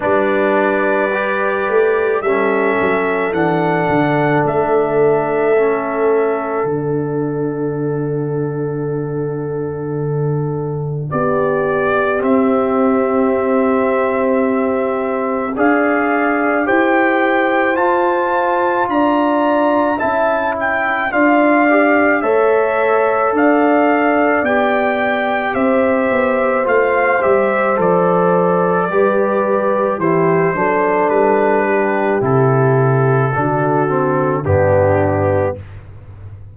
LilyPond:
<<
  \new Staff \with { instrumentName = "trumpet" } { \time 4/4 \tempo 4 = 54 d''2 e''4 fis''4 | e''2 fis''2~ | fis''2 d''4 e''4~ | e''2 f''4 g''4 |
a''4 ais''4 a''8 g''8 f''4 | e''4 f''4 g''4 e''4 | f''8 e''8 d''2 c''4 | b'4 a'2 g'4 | }
  \new Staff \with { instrumentName = "horn" } { \time 4/4 b'2 a'2~ | a'1~ | a'2 g'2~ | g'2 d''4 c''4~ |
c''4 d''4 e''4 d''4 | cis''4 d''2 c''4~ | c''2 b'4 g'8 a'8~ | a'8 g'4. fis'4 d'4 | }
  \new Staff \with { instrumentName = "trombone" } { \time 4/4 d'4 g'4 cis'4 d'4~ | d'4 cis'4 d'2~ | d'2. c'4~ | c'2 gis'4 g'4 |
f'2 e'4 f'8 g'8 | a'2 g'2 | f'8 g'8 a'4 g'4 e'8 d'8~ | d'4 e'4 d'8 c'8 b4 | }
  \new Staff \with { instrumentName = "tuba" } { \time 4/4 g4. a8 g8 fis8 e8 d8 | a2 d2~ | d2 b4 c'4~ | c'2 d'4 e'4 |
f'4 d'4 cis'4 d'4 | a4 d'4 b4 c'8 b8 | a8 g8 f4 g4 e8 fis8 | g4 c4 d4 g,4 | }
>>